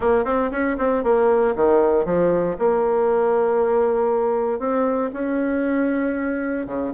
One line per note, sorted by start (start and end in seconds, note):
0.00 0.24 A#3
0.24 0.50 C4
0.51 0.76 C#4
0.78 1.03 C4
1.03 1.55 A#3
1.55 2.05 D#3
2.05 2.56 F3
2.58 4.59 A#3
4.59 5.10 C4
5.13 6.66 C#4
6.66 6.91 C#3